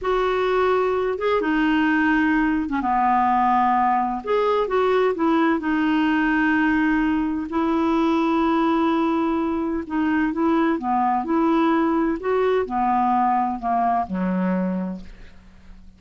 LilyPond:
\new Staff \with { instrumentName = "clarinet" } { \time 4/4 \tempo 4 = 128 fis'2~ fis'8 gis'8 dis'4~ | dis'4.~ dis'16 cis'16 b2~ | b4 gis'4 fis'4 e'4 | dis'1 |
e'1~ | e'4 dis'4 e'4 b4 | e'2 fis'4 b4~ | b4 ais4 fis2 | }